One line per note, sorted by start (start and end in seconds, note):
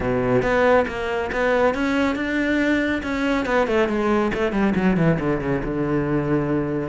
0.00 0.42 B2
0.42 0.85 B3
0.87 1.30 A#3
1.31 1.74 B3
1.74 2.15 C#4
2.15 3.01 D4
3.02 3.45 C#4
3.45 3.67 B3
3.67 3.88 A3
3.88 4.31 G#3
4.34 4.51 A3
4.51 4.73 G3
4.75 4.96 F#3
4.96 5.18 E3
5.19 5.40 D3
5.40 5.62 C#3
5.64 6.88 D3